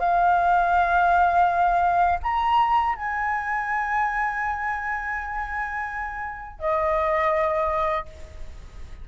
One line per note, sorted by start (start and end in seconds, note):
0.00 2.20 F5
2.23 2.96 A#5
2.96 6.60 G#5
6.60 8.06 D#5